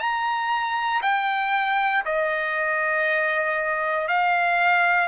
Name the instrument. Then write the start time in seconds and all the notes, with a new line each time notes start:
trumpet
0.00 A#5
1.02 G5
2.06 D#5
4.08 F5